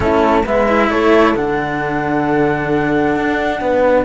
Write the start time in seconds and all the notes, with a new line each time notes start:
0.00 A3 C#4 E4 A4
0.44 G#3 B3 B4 E5
0.67 E4
0.90 A3 A4 C#5
1.35 D3 D4 F#5
3.16 D4
3.60 B3 B4